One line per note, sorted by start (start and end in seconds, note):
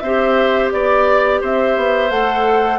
0.00 0.72 C4
0.00 2.11 G4
0.00 0.73 C5
0.00 0.70 E5
0.72 1.42 B3
0.72 1.42 D5
0.72 1.41 D5
1.41 1.77 C4
1.41 2.80 C5
1.41 2.11 E5
1.77 2.10 B3
2.10 2.80 A3
2.10 2.80 A4
2.10 2.80 F#5